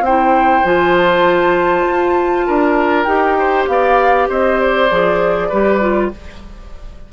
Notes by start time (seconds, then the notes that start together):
0.00 C4 C5 G5
0.07 E4
0.64 F3 F4 G#5
0.97 A5
1.86 F4
2.46 D4 A#4
3.04 D#4 G4 G5
3.38 C5
3.67 B3 D5 F5
4.28 C4 C5 D#5
4.60 D5
4.90 F3 G#4
5.48 G3 G4 B4
5.80 F4